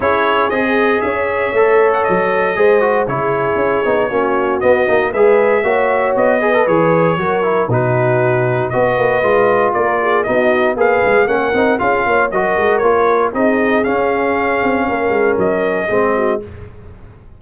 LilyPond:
<<
  \new Staff \with { instrumentName = "trumpet" } { \time 4/4 \tempo 4 = 117 cis''4 dis''4 e''4.~ e''16 fis''16 | dis''2 cis''2~ | cis''4 dis''4 e''2 | dis''4 cis''2 b'4~ |
b'4 dis''2 d''4 | dis''4 f''4 fis''4 f''4 | dis''4 cis''4 dis''4 f''4~ | f''2 dis''2 | }
  \new Staff \with { instrumentName = "horn" } { \time 4/4 gis'2 cis''2~ | cis''4 c''4 gis'2 | fis'2 b'4 cis''4~ | cis''8 b'4. ais'4 fis'4~ |
fis'4 b'2 ais'8 gis'8 | fis'4 b'4 ais'4 gis'8 cis''8 | ais'2 gis'2~ | gis'4 ais'2 gis'8 fis'8 | }
  \new Staff \with { instrumentName = "trombone" } { \time 4/4 e'4 gis'2 a'4~ | a'4 gis'8 fis'8 e'4. dis'8 | cis'4 b8 dis'8 gis'4 fis'4~ | fis'8 gis'16 a'16 gis'4 fis'8 e'8 dis'4~ |
dis'4 fis'4 f'2 | dis'4 gis'4 cis'8 dis'8 f'4 | fis'4 f'4 dis'4 cis'4~ | cis'2. c'4 | }
  \new Staff \with { instrumentName = "tuba" } { \time 4/4 cis'4 c'4 cis'4 a4 | fis4 gis4 cis4 cis'8 b8 | ais4 b8 ais8 gis4 ais4 | b4 e4 fis4 b,4~ |
b,4 b8 ais8 gis4 ais4 | b4 ais8 gis8 ais8 c'8 cis'8 ais8 | fis8 gis8 ais4 c'4 cis'4~ | cis'8 c'8 ais8 gis8 fis4 gis4 | }
>>